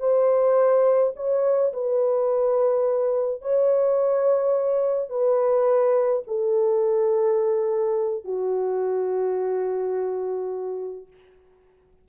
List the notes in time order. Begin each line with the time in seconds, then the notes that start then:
0.00 C5
1.16 C#5
1.73 B4
3.42 C#5
5.10 B4
6.28 A4
8.25 F#4